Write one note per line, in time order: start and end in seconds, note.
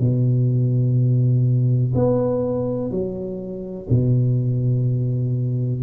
0.00 1.94 B2
1.95 2.91 B3
2.91 3.88 F#3
3.90 5.83 B2